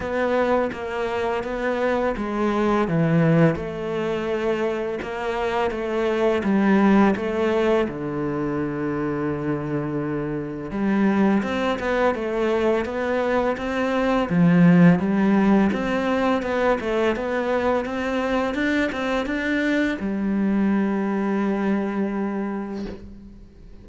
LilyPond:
\new Staff \with { instrumentName = "cello" } { \time 4/4 \tempo 4 = 84 b4 ais4 b4 gis4 | e4 a2 ais4 | a4 g4 a4 d4~ | d2. g4 |
c'8 b8 a4 b4 c'4 | f4 g4 c'4 b8 a8 | b4 c'4 d'8 c'8 d'4 | g1 | }